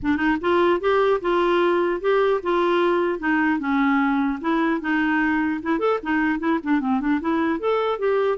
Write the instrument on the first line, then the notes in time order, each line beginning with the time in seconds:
clarinet
0.02 D4
0.16 D#4
0.40 F4
0.80 G4
1.21 F4
2.01 G4
2.43 F4
3.19 D#4
3.59 C#4
4.41 E4
4.81 D#4
5.62 E4
5.79 A4
6.03 D#4
6.39 E4
6.63 D4
6.80 C4
7.00 D4
7.21 E4
7.59 A4
7.98 G4